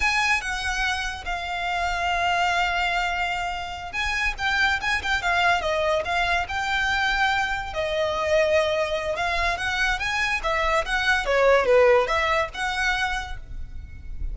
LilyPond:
\new Staff \with { instrumentName = "violin" } { \time 4/4 \tempo 4 = 144 gis''4 fis''2 f''4~ | f''1~ | f''4. gis''4 g''4 gis''8 | g''8 f''4 dis''4 f''4 g''8~ |
g''2~ g''8 dis''4.~ | dis''2 f''4 fis''4 | gis''4 e''4 fis''4 cis''4 | b'4 e''4 fis''2 | }